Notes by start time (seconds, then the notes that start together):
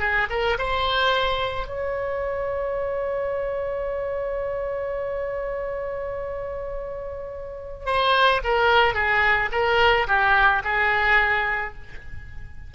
0.00 G#4
0.30 A#4
0.59 C5
1.67 C#5
7.86 C5
8.44 A#4
8.95 G#4
9.52 A#4
10.08 G4
10.64 G#4